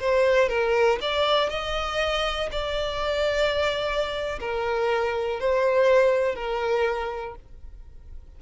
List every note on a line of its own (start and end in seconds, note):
0.00 0.49 C5
0.49 0.99 A#4
1.01 1.50 D5
1.50 2.50 D#5
2.52 4.39 D5
4.40 5.40 A#4
5.40 6.35 C5
6.35 7.35 A#4